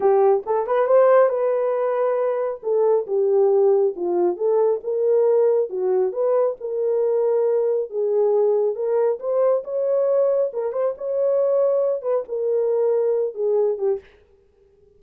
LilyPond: \new Staff \with { instrumentName = "horn" } { \time 4/4 \tempo 4 = 137 g'4 a'8 b'8 c''4 b'4~ | b'2 a'4 g'4~ | g'4 f'4 a'4 ais'4~ | ais'4 fis'4 b'4 ais'4~ |
ais'2 gis'2 | ais'4 c''4 cis''2 | ais'8 c''8 cis''2~ cis''8 b'8 | ais'2~ ais'8 gis'4 g'8 | }